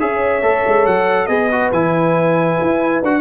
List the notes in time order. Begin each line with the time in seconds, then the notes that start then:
0.00 C#4 G#4 C#5 E5
0.42 A3 A4
0.67 G#3
0.86 F#3 F#5
1.26 B3 G#4 B4 D#5
1.52 F#4
1.72 E3 E4 G#5
2.61 E4
3.02 D4 F#4 F#5